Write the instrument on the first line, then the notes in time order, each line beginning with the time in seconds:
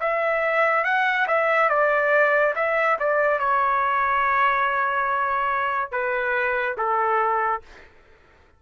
trumpet
0.00 E5
0.84 F#5
1.27 E5
1.69 D5
2.55 E5
2.99 D5
3.39 C#5
5.91 B4
6.77 A4